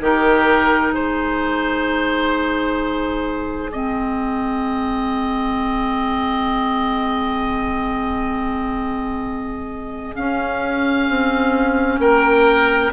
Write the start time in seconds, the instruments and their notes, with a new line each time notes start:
0.00 bassoon D#3, clarinet D#4, oboe G4 A#4
0.92 bassoon G#3, oboe G#4 C5
3.72 clarinet C4, oboe D#5
10.15 clarinet C#4, bassoon C#4, oboe F5
11.09 bassoon C4
11.99 bassoon A#3, oboe A#4 G5